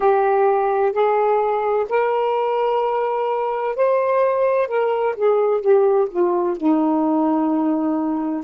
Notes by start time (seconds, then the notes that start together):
0.00 G4
0.92 G#4
1.89 A#4
3.76 C5
4.67 A#4
5.16 G#4
5.60 G4
6.10 F4
6.57 D#4